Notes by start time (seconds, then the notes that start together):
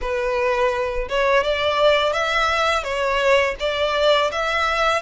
0.01 B4
1.08 C#5
1.43 D5
2.12 E5
2.83 C#5
3.59 D5
4.31 E5